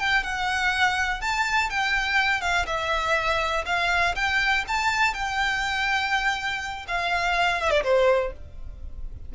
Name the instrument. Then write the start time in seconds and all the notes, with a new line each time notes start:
violin
0.00 G5
0.24 F#5
1.21 A5
1.70 G5
2.42 F5
2.67 E5
3.66 F5
4.16 G5
4.68 A5
5.14 G5
6.88 F5
7.61 E5
7.71 D5
7.84 C5